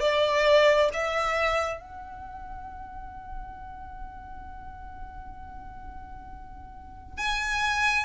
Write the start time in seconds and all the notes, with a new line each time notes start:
0.00 D5
0.93 E5
1.80 F#5
7.18 G#5